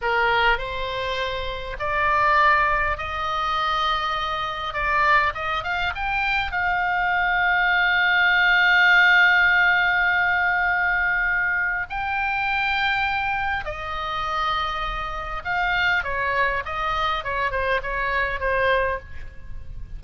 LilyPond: \new Staff \with { instrumentName = "oboe" } { \time 4/4 \tempo 4 = 101 ais'4 c''2 d''4~ | d''4 dis''2. | d''4 dis''8 f''8 g''4 f''4~ | f''1~ |
f''1 | g''2. dis''4~ | dis''2 f''4 cis''4 | dis''4 cis''8 c''8 cis''4 c''4 | }